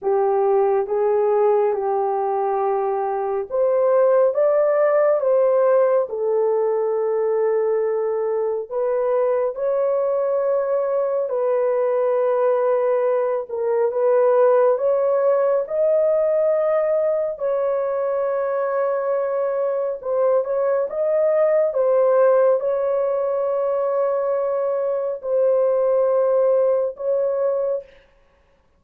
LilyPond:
\new Staff \with { instrumentName = "horn" } { \time 4/4 \tempo 4 = 69 g'4 gis'4 g'2 | c''4 d''4 c''4 a'4~ | a'2 b'4 cis''4~ | cis''4 b'2~ b'8 ais'8 |
b'4 cis''4 dis''2 | cis''2. c''8 cis''8 | dis''4 c''4 cis''2~ | cis''4 c''2 cis''4 | }